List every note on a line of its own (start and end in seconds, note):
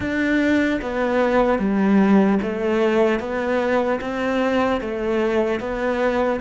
0.00 0.80 D4
0.81 1.59 B3
1.59 2.39 G3
2.42 3.19 A3
3.19 3.99 B3
4.00 4.80 C4
4.80 5.60 A3
5.60 6.40 B3